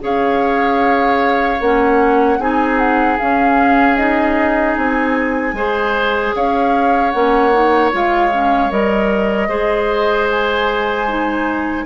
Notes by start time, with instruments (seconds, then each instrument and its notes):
0.00 bassoon C#4, clarinet G#4, oboe C#5, flute F5
1.60 bassoon A#3, clarinet C#4, flute F#5
2.39 bassoon C4, clarinet D#4, oboe G#4, flute G#5
2.79 flute F#5
3.18 clarinet C#4, bassoon C#4, flute F5
3.97 clarinet D#4, flute D#5
4.77 bassoon C4, flute G#5
5.53 bassoon G#3, clarinet G#4, oboe C5
6.36 bassoon C#4, oboe C#5, flute F5
7.11 bassoon A#3, clarinet C#4, flute F#5
7.53 clarinet D#4
7.92 bassoon G#3, clarinet F4, flute F5
8.32 clarinet C#4
8.70 bassoon G3, clarinet A#4, flute D#5
9.48 bassoon G#3, clarinet G#4, oboe C5
10.31 flute G#5
11.08 clarinet D#4